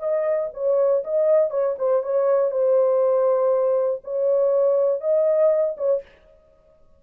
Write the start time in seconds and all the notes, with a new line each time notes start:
0.00 D#5
0.54 C#5
1.04 D#5
1.51 C#5
1.79 C5
2.03 C#5
2.51 C5
4.04 C#5
5.01 D#5
5.77 C#5